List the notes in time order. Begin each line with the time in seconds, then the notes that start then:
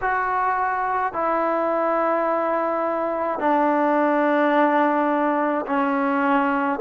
0.01 F#4
1.13 E4
3.39 D4
5.66 C#4